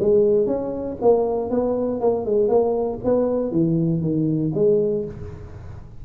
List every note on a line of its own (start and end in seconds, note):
0.00 0.47 G#3
0.47 0.97 C#4
1.02 1.50 A#3
1.50 2.01 B3
2.01 2.26 A#3
2.26 2.49 G#3
2.49 2.99 A#3
3.04 3.52 B3
3.52 4.02 E3
4.02 4.52 D#3
4.55 5.05 G#3